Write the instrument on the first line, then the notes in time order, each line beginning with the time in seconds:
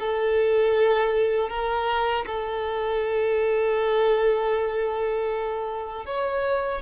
violin
0.00 A4
1.50 A#4
2.26 A4
6.06 C#5